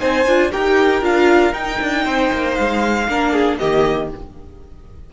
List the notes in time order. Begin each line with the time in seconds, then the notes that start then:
0.00 C4 D#4 C5 G#5
0.26 D4 F4
0.51 D#4 G4 A#4 G5
1.02 D4 F4 F5
1.53 D#4 G5
1.81 D4
2.05 C4 C5
2.33 A#3
2.55 G#3 F5
3.08 A#3 D4 A#4
3.33 G#4
3.59 D#3 A#3 G4 D#5